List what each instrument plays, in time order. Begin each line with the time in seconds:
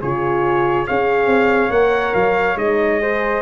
0.00 tuba C#3, horn F4, flute G#4, trumpet C#5
0.87 tuba C#4, horn G#4, flute C#5, trumpet F5
1.26 tuba C4
1.71 tuba A#3, horn A#4, trumpet F#5
2.15 tuba F#3, trumpet F5
2.56 tuba G#3, horn D#4, trumpet D#5
3.00 horn G#4, flute C5